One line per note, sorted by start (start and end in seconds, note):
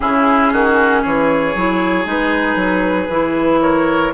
0.00 0.52 C#3
0.00 1.55 C#4
0.00 0.52 E4
0.00 1.03 G#4
0.52 1.04 D#3
0.52 1.02 F#4
1.02 1.55 E3
1.02 3.60 G#4
1.02 2.06 C#5
1.55 2.05 F#3
1.55 2.04 E4
2.04 2.55 G#3
2.04 3.07 D#4
2.04 3.61 B4
2.55 3.07 F#3
3.08 4.12 E3
3.08 4.13 E4
3.61 4.13 A#4
3.61 4.13 C#5